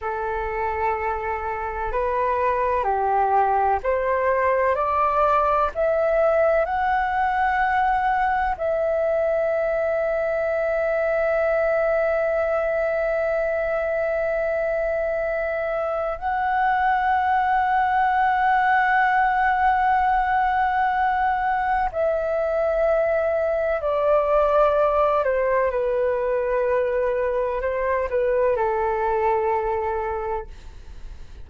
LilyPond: \new Staff \with { instrumentName = "flute" } { \time 4/4 \tempo 4 = 63 a'2 b'4 g'4 | c''4 d''4 e''4 fis''4~ | fis''4 e''2.~ | e''1~ |
e''4 fis''2.~ | fis''2. e''4~ | e''4 d''4. c''8 b'4~ | b'4 c''8 b'8 a'2 | }